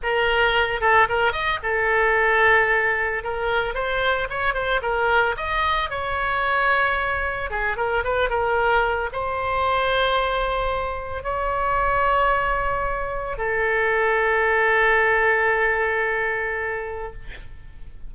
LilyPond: \new Staff \with { instrumentName = "oboe" } { \time 4/4 \tempo 4 = 112 ais'4. a'8 ais'8 dis''8 a'4~ | a'2 ais'4 c''4 | cis''8 c''8 ais'4 dis''4 cis''4~ | cis''2 gis'8 ais'8 b'8 ais'8~ |
ais'4 c''2.~ | c''4 cis''2.~ | cis''4 a'2.~ | a'1 | }